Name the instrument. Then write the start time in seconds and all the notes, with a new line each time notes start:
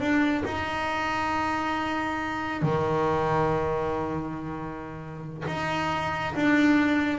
double bass
0.00 D4
0.45 D#4
2.62 D#3
5.47 D#4
6.35 D4